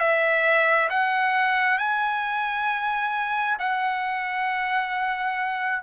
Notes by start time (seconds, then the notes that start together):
0.00 E5
0.90 F#5
1.79 G#5
3.59 F#5